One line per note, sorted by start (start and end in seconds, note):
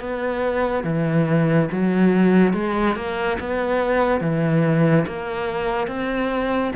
0.00 0.84 B3
0.84 1.68 E3
1.72 2.54 F#3
2.54 2.96 G#3
2.96 3.38 A#3
3.40 4.21 B3
4.21 5.05 E3
5.06 5.87 A#3
5.87 6.72 C4